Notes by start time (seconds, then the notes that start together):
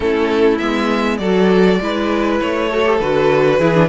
0.00 A3 C#4 E4 A4
0.58 G#3 B3 E5
1.17 F#3 F#4 A4 D5
1.80 G#3 E4 B4
2.40 A3 C#5
2.69 F#4 A4
2.84 G4
2.99 D3 F#4 B4
3.58 E3 E4 G#4
3.73 D4